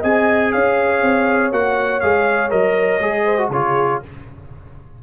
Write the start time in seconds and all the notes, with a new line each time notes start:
0.00 C4 G#4 D#5 G#5
0.52 C#4 C#5 F5
1.02 C4
1.52 A#3 F#4 F#5
2.01 G#3 G#4 F5
2.50 F#3 A#4 D#5
3.00 G#3 G#4
3.24 C5
3.39 F#4
3.50 C#3 F4 G#4 C#5